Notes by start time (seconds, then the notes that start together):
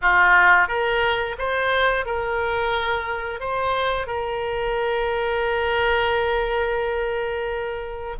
0.01 F4
0.68 A#4
1.38 C5
2.05 A#4
3.40 C5
4.06 A#4